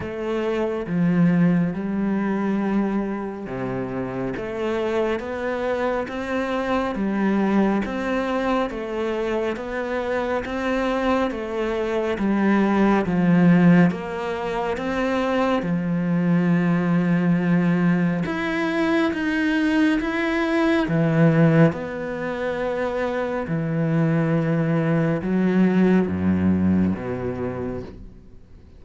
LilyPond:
\new Staff \with { instrumentName = "cello" } { \time 4/4 \tempo 4 = 69 a4 f4 g2 | c4 a4 b4 c'4 | g4 c'4 a4 b4 | c'4 a4 g4 f4 |
ais4 c'4 f2~ | f4 e'4 dis'4 e'4 | e4 b2 e4~ | e4 fis4 fis,4 b,4 | }